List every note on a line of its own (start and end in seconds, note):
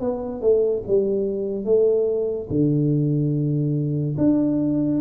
0.00 0.41 B3
0.41 0.83 A3
0.87 1.65 G3
1.65 2.48 A3
2.50 4.16 D3
4.18 5.01 D4